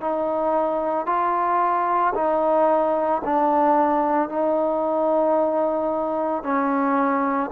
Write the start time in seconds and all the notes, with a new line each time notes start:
0.00 D#4
1.06 F4
2.14 D#4
3.24 D4
4.29 D#4
6.42 C#4